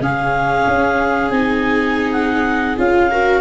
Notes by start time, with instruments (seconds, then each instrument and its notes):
0.00 tuba C#3, viola C#4 G#4, clarinet F5
0.67 tuba C#4
1.30 tuba C4, viola D#4, clarinet G#5
2.12 clarinet F#5
2.77 tuba C#4, viola F4, clarinet F5
3.11 viola F#4 A#4